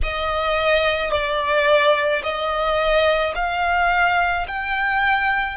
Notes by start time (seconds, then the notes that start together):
0.03 D#5
1.11 D5
2.23 D#5
3.35 F5
4.47 G5